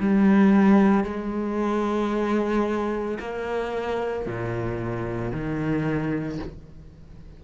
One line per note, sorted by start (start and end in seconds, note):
0.00 1.05 G3
1.05 3.19 G#3
3.20 4.27 A#3
4.27 5.32 A#2
5.32 6.39 D#3